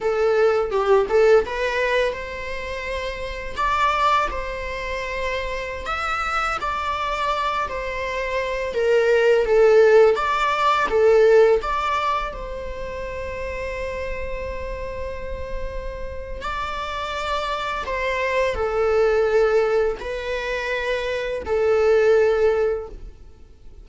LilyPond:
\new Staff \with { instrumentName = "viola" } { \time 4/4 \tempo 4 = 84 a'4 g'8 a'8 b'4 c''4~ | c''4 d''4 c''2~ | c''16 e''4 d''4. c''4~ c''16~ | c''16 ais'4 a'4 d''4 a'8.~ |
a'16 d''4 c''2~ c''8.~ | c''2. d''4~ | d''4 c''4 a'2 | b'2 a'2 | }